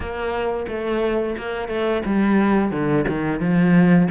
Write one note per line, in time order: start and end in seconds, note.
0.00 0.66 A#3
0.68 1.36 A3
1.37 1.68 A#3
1.68 2.02 A3
2.05 2.71 G3
2.71 3.05 D3
3.08 3.40 D#3
3.40 4.08 F3